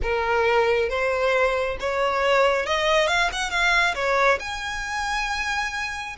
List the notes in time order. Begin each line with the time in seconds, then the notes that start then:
0.02 A#4
0.89 C5
1.80 C#5
2.66 D#5
3.07 F5
3.32 F#5
3.50 F5
3.94 C#5
4.39 G#5